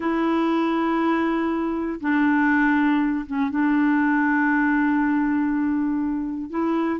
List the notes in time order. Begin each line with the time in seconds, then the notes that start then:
0.00 E4
2.00 D4
3.26 C#4
3.50 D4
6.50 E4